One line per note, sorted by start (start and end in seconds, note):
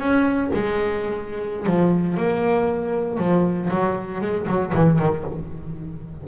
0.00 0.51 C#4
0.54 1.67 G#3
1.67 2.18 F3
2.18 3.18 A#3
3.18 3.70 F3
3.71 4.22 F#3
4.22 4.47 G#3
4.48 4.73 F#3
4.75 4.99 E3
4.99 5.25 D#3